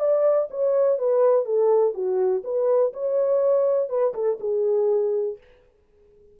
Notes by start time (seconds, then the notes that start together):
0.00 D5
0.51 C#5
0.99 B4
1.46 A4
1.94 F#4
2.44 B4
2.94 C#5
3.90 B4
4.14 A4
4.40 G#4